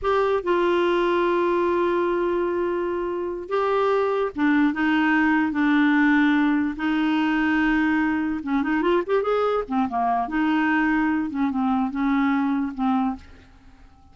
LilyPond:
\new Staff \with { instrumentName = "clarinet" } { \time 4/4 \tempo 4 = 146 g'4 f'2.~ | f'1~ | f'8 g'2 d'4 dis'8~ | dis'4. d'2~ d'8~ |
d'8 dis'2.~ dis'8~ | dis'8 cis'8 dis'8 f'8 g'8 gis'4 c'8 | ais4 dis'2~ dis'8 cis'8 | c'4 cis'2 c'4 | }